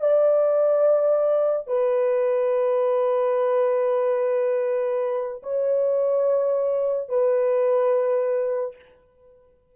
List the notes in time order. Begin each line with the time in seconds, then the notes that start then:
0.00 D5
1.67 B4
5.42 C#5
7.08 B4